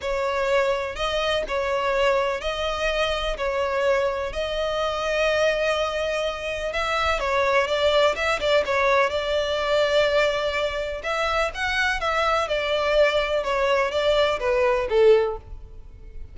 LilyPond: \new Staff \with { instrumentName = "violin" } { \time 4/4 \tempo 4 = 125 cis''2 dis''4 cis''4~ | cis''4 dis''2 cis''4~ | cis''4 dis''2.~ | dis''2 e''4 cis''4 |
d''4 e''8 d''8 cis''4 d''4~ | d''2. e''4 | fis''4 e''4 d''2 | cis''4 d''4 b'4 a'4 | }